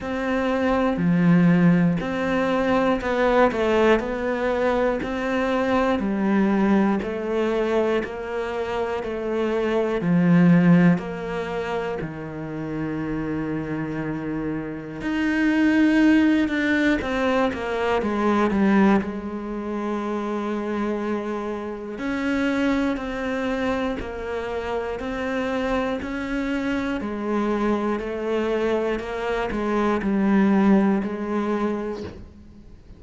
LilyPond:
\new Staff \with { instrumentName = "cello" } { \time 4/4 \tempo 4 = 60 c'4 f4 c'4 b8 a8 | b4 c'4 g4 a4 | ais4 a4 f4 ais4 | dis2. dis'4~ |
dis'8 d'8 c'8 ais8 gis8 g8 gis4~ | gis2 cis'4 c'4 | ais4 c'4 cis'4 gis4 | a4 ais8 gis8 g4 gis4 | }